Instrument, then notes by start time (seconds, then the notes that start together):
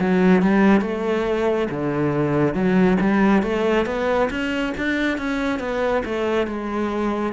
cello
0.00 F#3
0.43 G3
0.82 A3
1.71 D3
2.55 F#3
3.01 G3
3.43 A3
3.87 B3
4.30 C#4
4.78 D4
5.18 C#4
5.60 B3
6.06 A3
6.48 G#3